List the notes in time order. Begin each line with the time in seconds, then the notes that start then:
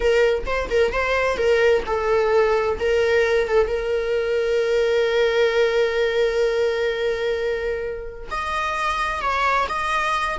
0.00 A#4
0.46 C5
0.69 A#4
0.92 C5
1.37 A#4
1.86 A4
2.79 A#4
3.47 A4
3.67 A#4
8.31 D#5
9.21 C#5
9.68 D#5